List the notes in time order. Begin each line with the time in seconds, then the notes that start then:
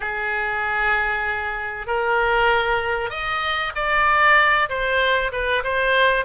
0.00 G#4
1.86 A#4
3.10 D#5
3.75 D5
4.69 C5
5.32 B4
5.63 C5